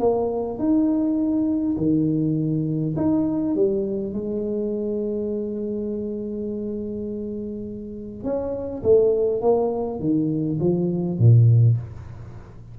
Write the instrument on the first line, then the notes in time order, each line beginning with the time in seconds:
tuba
0.00 A#3
0.59 D#4
1.78 D#3
2.97 D#4
3.56 G3
4.13 G#3
8.24 C#4
8.83 A3
9.42 A#3
10.00 D#3
10.60 F3
11.19 A#2